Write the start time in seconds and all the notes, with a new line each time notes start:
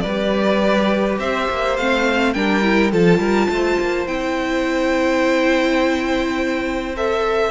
0.00 G3 B4 D5
0.06 G4
1.19 C4 C5 E5
1.50 A#3
1.76 A3 C4 F5
2.33 G3 D4 A#4 G5
2.62 E4
2.92 F3 F4 A4 A5
3.18 G3 A#4
3.49 A3 C5
3.79 A#3
4.06 C4 E4 G5
6.96 A4 E5